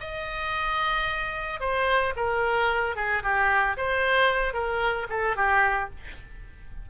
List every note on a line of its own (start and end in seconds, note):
0.00 1.60 D#5
1.60 2.14 C5
2.16 2.96 A#4
2.96 3.23 G#4
3.23 3.76 G4
3.77 4.53 C5
4.53 5.07 A#4
5.09 5.36 A4
5.36 5.90 G4